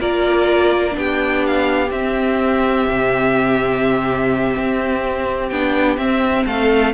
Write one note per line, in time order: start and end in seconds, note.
0.00 0.96 A#3
0.00 0.91 F4
0.00 0.96 A#4
0.00 0.97 D5
0.91 1.91 B3
0.91 1.87 D4
0.98 6.45 G4
0.98 1.46 G5
1.47 1.91 F5
1.91 2.87 C4
1.91 5.51 C4
1.91 5.49 E5
2.88 4.56 C3
4.57 5.51 C4
5.49 5.97 B3
5.49 5.98 D4
5.49 5.97 G5
5.97 6.45 C4
5.97 6.94 C4
5.97 6.46 E5
6.45 6.94 A3
6.45 6.93 A4
6.45 6.94 F5